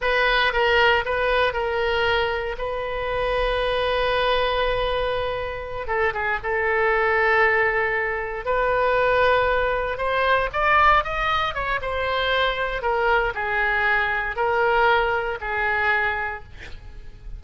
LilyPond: \new Staff \with { instrumentName = "oboe" } { \time 4/4 \tempo 4 = 117 b'4 ais'4 b'4 ais'4~ | ais'4 b'2.~ | b'2.~ b'8 a'8 | gis'8 a'2.~ a'8~ |
a'8 b'2. c''8~ | c''8 d''4 dis''4 cis''8 c''4~ | c''4 ais'4 gis'2 | ais'2 gis'2 | }